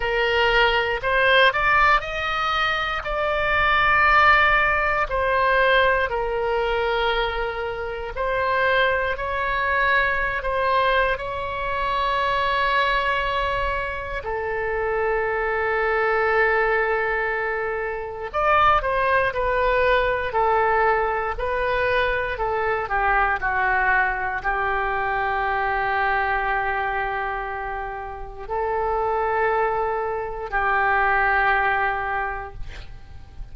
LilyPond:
\new Staff \with { instrumentName = "oboe" } { \time 4/4 \tempo 4 = 59 ais'4 c''8 d''8 dis''4 d''4~ | d''4 c''4 ais'2 | c''4 cis''4~ cis''16 c''8. cis''4~ | cis''2 a'2~ |
a'2 d''8 c''8 b'4 | a'4 b'4 a'8 g'8 fis'4 | g'1 | a'2 g'2 | }